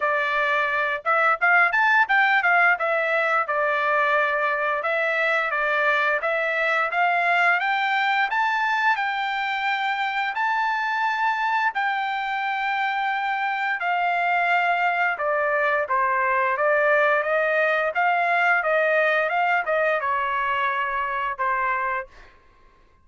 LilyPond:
\new Staff \with { instrumentName = "trumpet" } { \time 4/4 \tempo 4 = 87 d''4. e''8 f''8 a''8 g''8 f''8 | e''4 d''2 e''4 | d''4 e''4 f''4 g''4 | a''4 g''2 a''4~ |
a''4 g''2. | f''2 d''4 c''4 | d''4 dis''4 f''4 dis''4 | f''8 dis''8 cis''2 c''4 | }